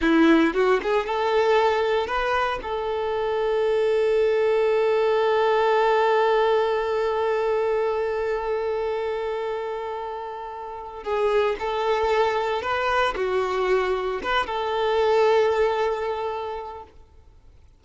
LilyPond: \new Staff \with { instrumentName = "violin" } { \time 4/4 \tempo 4 = 114 e'4 fis'8 gis'8 a'2 | b'4 a'2.~ | a'1~ | a'1~ |
a'1~ | a'4 gis'4 a'2 | b'4 fis'2 b'8 a'8~ | a'1 | }